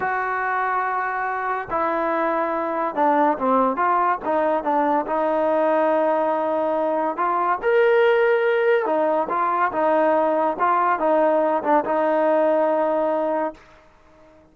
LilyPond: \new Staff \with { instrumentName = "trombone" } { \time 4/4 \tempo 4 = 142 fis'1 | e'2. d'4 | c'4 f'4 dis'4 d'4 | dis'1~ |
dis'4 f'4 ais'2~ | ais'4 dis'4 f'4 dis'4~ | dis'4 f'4 dis'4. d'8 | dis'1 | }